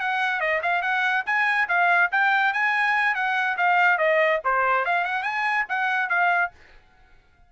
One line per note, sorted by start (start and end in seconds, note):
0.00 0.40 F#5
0.40 0.61 D#5
0.62 0.82 F5
0.82 1.24 F#5
1.26 1.68 G#5
1.68 2.10 F5
2.12 2.53 G5
2.53 3.15 G#5
3.15 3.57 F#5
3.57 3.98 F5
3.98 4.40 D#5
4.44 4.85 C5
4.85 5.04 F5
5.04 5.23 F#5
5.23 5.65 G#5
5.69 6.09 F#5
6.09 6.51 F5